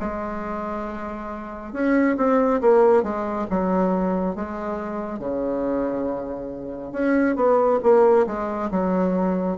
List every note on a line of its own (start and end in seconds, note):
0.00 1.73 G#3
1.73 2.17 C#4
2.17 2.61 C4
2.61 3.03 A#3
3.03 3.47 G#3
3.50 4.36 F#3
4.36 5.19 G#3
5.19 6.92 C#3
6.92 7.36 C#4
7.36 7.80 B3
7.83 8.26 A#3
8.27 8.70 G#3
8.71 9.58 F#3